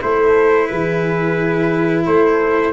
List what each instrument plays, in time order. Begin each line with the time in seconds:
0.00 tuba A3, cello E4, horn A4, trumpet C5
0.67 tuba E3, horn G#4, trumpet B4
2.06 tuba A3, horn A4, trumpet C5